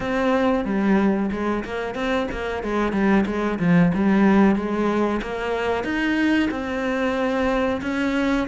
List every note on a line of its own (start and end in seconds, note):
0.00 0.64 C4
0.64 1.30 G3
1.31 1.64 G#3
1.64 1.94 A#3
1.94 2.27 C4
2.31 2.63 A#3
2.63 2.92 G#3
2.92 3.25 G3
3.26 3.58 G#3
3.59 3.92 F3
3.94 4.55 G3
4.55 5.20 G#3
5.21 5.83 A#3
5.83 6.49 D#4
6.50 7.81 C4
7.81 8.47 C#4